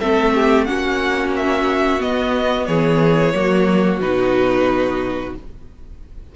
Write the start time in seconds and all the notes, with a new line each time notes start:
0.00 A3 C4 A4 E5
0.34 G4
0.65 A#3 C#4 F#4 F#5
1.36 E5
2.00 B3 D#5
2.66 E3 G#4 C#5
3.34 F#3 A#3 F#4
4.00 B2 D#4 B4